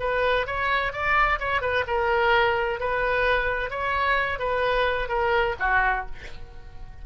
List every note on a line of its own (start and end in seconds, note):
0.00 0.47 B4
0.47 0.93 C#5
0.93 1.39 D5
1.39 1.62 C#5
1.62 1.85 B4
1.87 2.80 A#4
2.80 3.70 B4
3.70 4.39 C#5
4.39 5.09 B4
5.09 5.55 A#4
5.60 6.06 F#4